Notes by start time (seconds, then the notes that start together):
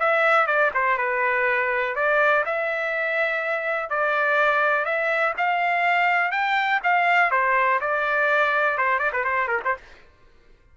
0.00 E5
0.47 D5
0.74 C5
0.98 B4
1.96 D5
2.45 E5
3.90 D5
4.85 E5
5.38 F5
6.32 G5
6.83 F5
7.31 C5
7.81 D5
8.78 C5
8.99 D5
9.13 B4
9.24 C5
9.48 A#4
9.65 C5